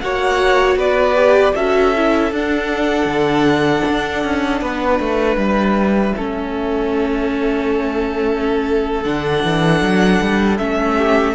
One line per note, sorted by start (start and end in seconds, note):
0.00 0.76 A#3
0.00 1.15 F#4
0.00 0.78 C#5
0.00 0.77 F#5
0.76 1.53 B3
0.76 1.55 B4
0.76 1.55 D5
1.15 1.54 G4
1.55 2.32 C#4
1.55 1.95 F#4
1.55 4.62 A4
1.55 2.32 E5
1.96 2.33 E4
2.32 3.06 D4
2.32 6.17 D4
2.32 5.38 F#5
3.06 3.83 D3
3.88 4.24 D4
4.24 4.62 C#4
4.62 5.00 B3
4.62 6.15 B4
5.00 5.37 A3
5.37 6.14 G3
5.37 9.03 E5
6.17 9.05 A3
6.17 9.05 C#4
6.17 10.97 A4
9.03 9.44 D3
9.03 10.59 D4
9.03 10.57 F#5
9.44 9.82 E3
9.82 10.20 F#3
10.21 10.60 G3
10.58 11.35 A3
10.58 11.35 C#4
10.58 11.35 E5
10.97 11.35 G4